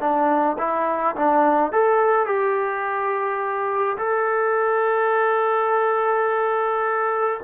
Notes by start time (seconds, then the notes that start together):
0.00 D4
0.58 E4
1.16 D4
1.72 A4
2.26 G4
3.98 A4